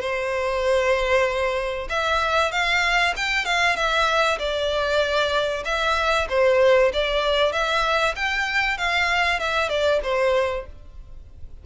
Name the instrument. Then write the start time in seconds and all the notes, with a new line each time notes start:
violin
0.00 C5
1.89 E5
2.51 F5
3.16 G5
3.45 F5
3.76 E5
4.38 D5
5.65 E5
6.29 C5
6.93 D5
7.52 E5
8.15 G5
8.78 F5
9.39 E5
9.69 D5
10.03 C5